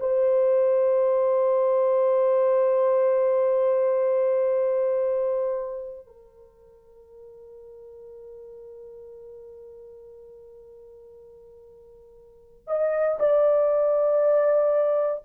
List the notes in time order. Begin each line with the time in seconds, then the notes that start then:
0.00 C5
6.07 A#4
12.68 D#5
13.19 D5